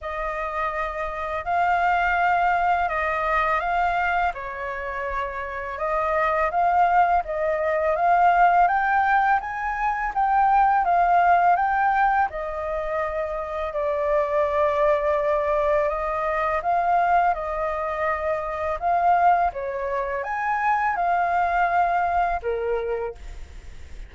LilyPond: \new Staff \with { instrumentName = "flute" } { \time 4/4 \tempo 4 = 83 dis''2 f''2 | dis''4 f''4 cis''2 | dis''4 f''4 dis''4 f''4 | g''4 gis''4 g''4 f''4 |
g''4 dis''2 d''4~ | d''2 dis''4 f''4 | dis''2 f''4 cis''4 | gis''4 f''2 ais'4 | }